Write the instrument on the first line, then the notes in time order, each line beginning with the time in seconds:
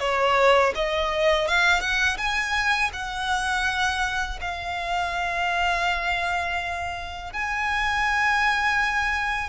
violin
0.00 C#5
0.75 D#5
1.48 F5
1.81 F#5
2.18 G#5
2.93 F#5
4.41 F5
7.33 G#5